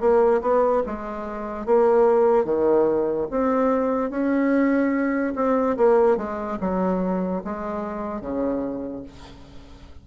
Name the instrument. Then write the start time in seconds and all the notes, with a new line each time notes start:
bassoon
0.00 A#3
0.41 B3
0.86 G#3
1.66 A#3
2.45 D#3
3.31 C4
4.10 C#4
5.36 C4
5.77 A#3
6.17 G#3
6.61 F#3
7.44 G#3
8.21 C#3